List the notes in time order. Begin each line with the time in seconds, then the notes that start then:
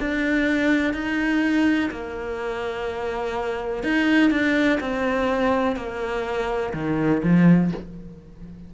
0.00 D4
0.94 D#4
1.91 A#3
3.84 D#4
4.31 D4
4.80 C4
5.76 A#3
6.73 D#3
7.24 F3